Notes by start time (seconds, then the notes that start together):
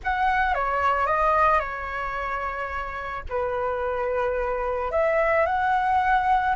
0.03 F#5
0.54 C#5
1.06 D#5
1.59 C#5
3.29 B4
4.91 E5
5.46 F#5